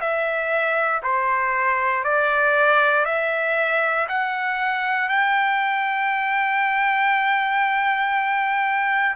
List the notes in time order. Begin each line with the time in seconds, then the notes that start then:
0.00 E5
1.03 C5
2.04 D5
3.05 E5
4.08 F#5
5.08 G5